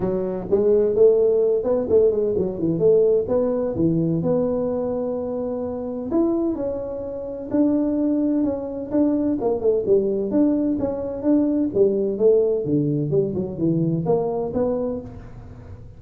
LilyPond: \new Staff \with { instrumentName = "tuba" } { \time 4/4 \tempo 4 = 128 fis4 gis4 a4. b8 | a8 gis8 fis8 e8 a4 b4 | e4 b2.~ | b4 e'4 cis'2 |
d'2 cis'4 d'4 | ais8 a8 g4 d'4 cis'4 | d'4 g4 a4 d4 | g8 fis8 e4 ais4 b4 | }